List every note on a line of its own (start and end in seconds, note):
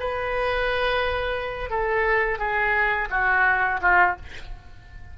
0.00 1.70 B4
1.70 2.39 A4
2.39 3.09 G#4
3.10 3.80 F#4
3.82 4.16 F4